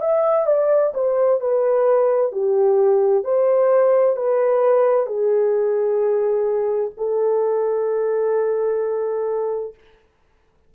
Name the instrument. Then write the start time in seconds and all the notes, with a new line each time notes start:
horn
0.00 E5
0.47 D5
0.94 C5
1.40 B4
2.32 G4
3.24 C5
4.16 B4
5.06 G#4
6.97 A4